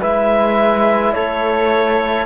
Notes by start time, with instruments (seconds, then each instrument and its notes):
0.00 cello G#3, trombone E4, flute B4, clarinet E5
1.14 cello A3, flute A4, clarinet C#5